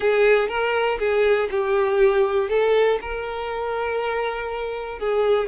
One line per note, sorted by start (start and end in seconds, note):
0.00 0.48 G#4
0.48 0.98 A#4
0.99 1.49 G#4
1.50 2.49 G4
2.49 2.99 A4
3.01 4.99 A#4
4.99 5.48 G#4